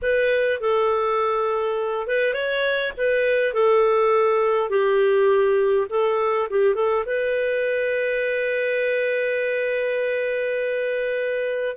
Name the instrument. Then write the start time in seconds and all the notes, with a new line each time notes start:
clarinet
0.02 B4
0.60 A4
2.07 B4
2.33 C#5
2.97 B4
3.53 A4
4.69 G4
5.89 A4
6.49 G4
6.75 A4
7.05 B4